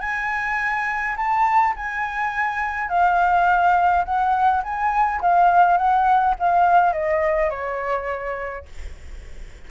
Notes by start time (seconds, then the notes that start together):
0.00 G#5
1.16 A5
1.76 G#5
2.89 F5
4.05 F#5
4.63 G#5
5.21 F5
5.77 F#5
6.39 F5
6.93 D#5
7.50 C#5